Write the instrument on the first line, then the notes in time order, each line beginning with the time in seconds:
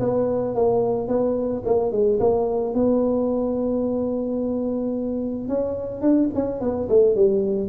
tuba
0.00 B3
0.55 A#3
1.08 B3
1.66 A#3
1.92 G#3
2.20 A#3
2.74 B3
5.49 C#4
6.02 D4
6.35 C#4
6.61 B3
6.89 A3
7.16 G3